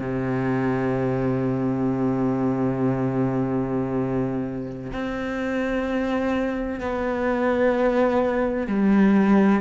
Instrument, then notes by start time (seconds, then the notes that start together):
cello
0.00 C3
4.93 C4
6.80 B3
8.68 G3